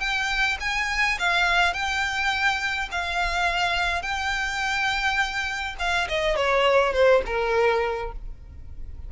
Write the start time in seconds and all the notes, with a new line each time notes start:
0.00 G5
0.61 G#5
1.19 F5
1.74 G5
2.92 F5
4.03 G5
5.79 F5
6.09 D#5
6.36 C#5
6.93 C5
7.26 A#4